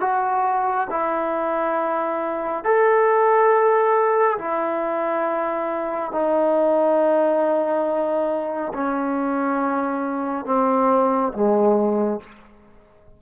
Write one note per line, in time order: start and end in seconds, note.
0.00 0.87 F#4
0.90 2.64 E4
2.64 4.38 A4
4.38 6.11 E4
6.11 8.72 D#4
8.74 10.45 C#4
10.45 11.32 C4
11.33 12.20 G#3